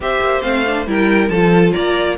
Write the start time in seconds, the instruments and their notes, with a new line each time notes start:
0.00 cello C4, viola G4, violin C5 E5
0.20 cello A#3
0.41 cello A3, viola C4, violin F5
0.65 viola D4
0.86 cello G3, viola E4, violin A#4 G5
1.28 cello F3, viola F4, violin A4 A5
1.72 cello A#3, violin D5 A#5